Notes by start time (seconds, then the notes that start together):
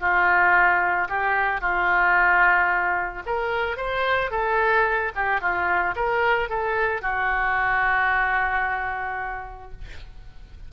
0.00 F4
1.09 G4
1.61 F4
3.26 A#4
3.77 C5
4.31 A4
5.15 G4
5.41 F4
5.96 A#4
6.49 A4
7.01 F#4